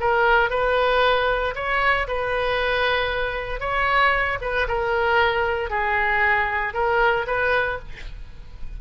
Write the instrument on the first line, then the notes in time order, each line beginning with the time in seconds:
oboe
0.00 A#4
0.50 B4
1.55 C#5
2.08 B4
3.60 C#5
4.41 B4
4.68 A#4
5.70 G#4
6.74 A#4
7.27 B4